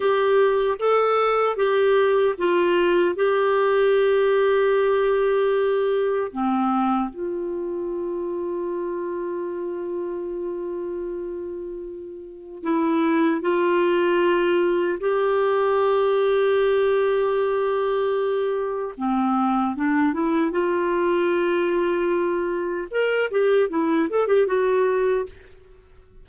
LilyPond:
\new Staff \with { instrumentName = "clarinet" } { \time 4/4 \tempo 4 = 76 g'4 a'4 g'4 f'4 | g'1 | c'4 f'2.~ | f'1 |
e'4 f'2 g'4~ | g'1 | c'4 d'8 e'8 f'2~ | f'4 ais'8 g'8 e'8 a'16 g'16 fis'4 | }